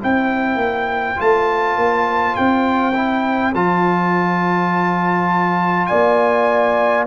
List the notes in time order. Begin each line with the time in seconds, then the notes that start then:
0.00 C4 E4 C5 G5
0.56 A#3
1.17 A3 F4 A5
1.76 A#3
2.35 C4 G5
2.95 E4
3.55 F3 F4 A5
5.87 A#3 D5 G#5